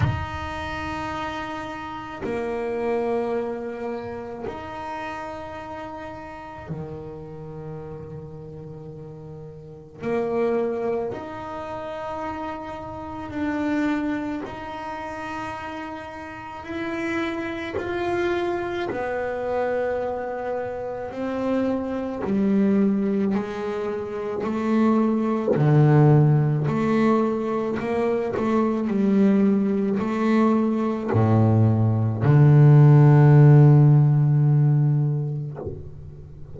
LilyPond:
\new Staff \with { instrumentName = "double bass" } { \time 4/4 \tempo 4 = 54 dis'2 ais2 | dis'2 dis2~ | dis4 ais4 dis'2 | d'4 dis'2 e'4 |
f'4 b2 c'4 | g4 gis4 a4 d4 | a4 ais8 a8 g4 a4 | a,4 d2. | }